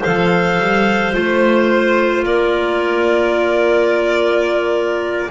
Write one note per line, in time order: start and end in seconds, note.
0.00 1.13 A4
0.00 2.22 C5
0.00 1.14 F5
0.06 0.60 F3
0.60 1.15 G3
1.13 2.24 A3
1.13 5.30 F4
1.13 2.25 C5
2.24 5.29 A#3
2.24 5.31 A#4
2.24 5.31 D5